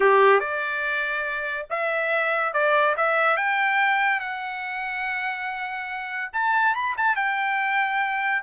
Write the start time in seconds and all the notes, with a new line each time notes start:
0.00 G4
0.40 D5
1.70 E5
2.53 D5
2.96 E5
3.36 G5
4.19 F#5
6.32 A5
6.75 B5
6.97 A5
7.16 G5